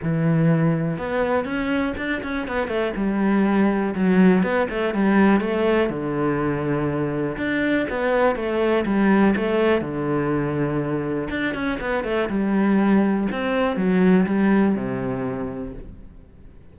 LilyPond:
\new Staff \with { instrumentName = "cello" } { \time 4/4 \tempo 4 = 122 e2 b4 cis'4 | d'8 cis'8 b8 a8 g2 | fis4 b8 a8 g4 a4 | d2. d'4 |
b4 a4 g4 a4 | d2. d'8 cis'8 | b8 a8 g2 c'4 | fis4 g4 c2 | }